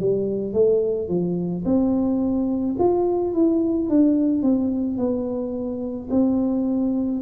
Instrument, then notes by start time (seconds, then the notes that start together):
tuba
0.00 G3
0.53 A3
1.08 F3
1.65 C4
2.79 F4
3.34 E4
3.89 D4
4.42 C4
4.97 B3
6.10 C4